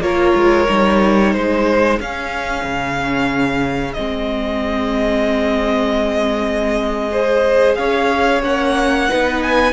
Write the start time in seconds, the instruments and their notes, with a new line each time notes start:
0.00 cello A#3, viola F4, violin A#4 C#5
0.35 cello G#3
0.69 cello G3, viola D#4
1.34 cello G#3, violin G#4 C5
2.00 cello C#4, viola C#4, violin F5
2.65 cello C#3
3.94 cello G#3, viola C4, violin D#5
7.12 viola G#4, violin C5
7.76 cello C#4, violin C#5 F5
8.43 cello A#3, viola C#4, violin F#5
9.09 cello B3, viola D#4, violin B4
9.43 violin G#5